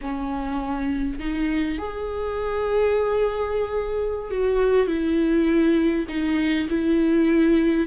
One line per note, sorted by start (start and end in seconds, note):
0.01 1.19 C#4
1.19 1.78 D#4
1.78 4.30 G#4
4.31 4.87 F#4
4.87 6.05 E4
6.08 6.68 D#4
6.69 7.87 E4